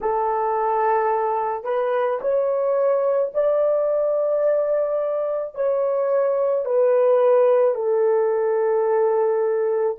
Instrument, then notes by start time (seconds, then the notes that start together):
horn
0.01 A4
1.64 B4
2.21 C#5
3.33 D5
5.55 C#5
6.65 B4
7.75 A4